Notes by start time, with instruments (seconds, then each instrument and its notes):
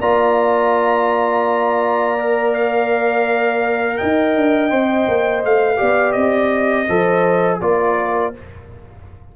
0.00 tuba A#3, trombone F4, horn D5, trumpet A#5
2.19 trombone A#4
2.54 trumpet F5
3.97 tuba D#4, horn D#5, trumpet G5
4.36 tuba D4
4.70 tuba C4, trombone C5
5.08 tuba A#3
5.44 tuba A3, trumpet F5
5.77 tuba B3, trombone G4, horn D5
6.12 tuba C4, trumpet D#5
6.88 tuba F3, trombone A4, horn C5
7.61 tuba A#3, trombone F4, horn A#4, trumpet D5